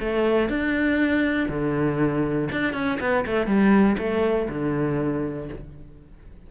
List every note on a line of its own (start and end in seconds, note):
0.00 0.50 A3
0.50 1.50 D4
1.50 2.50 D3
2.52 2.74 D4
2.74 2.99 C#4
3.00 3.25 B3
3.27 3.47 A3
3.47 3.97 G3
3.99 4.49 A3
4.50 5.50 D3